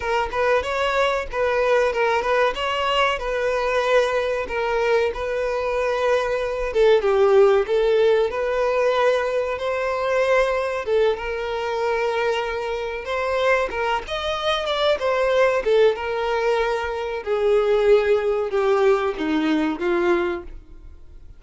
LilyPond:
\new Staff \with { instrumentName = "violin" } { \time 4/4 \tempo 4 = 94 ais'8 b'8 cis''4 b'4 ais'8 b'8 | cis''4 b'2 ais'4 | b'2~ b'8 a'8 g'4 | a'4 b'2 c''4~ |
c''4 a'8 ais'2~ ais'8~ | ais'8 c''4 ais'8 dis''4 d''8 c''8~ | c''8 a'8 ais'2 gis'4~ | gis'4 g'4 dis'4 f'4 | }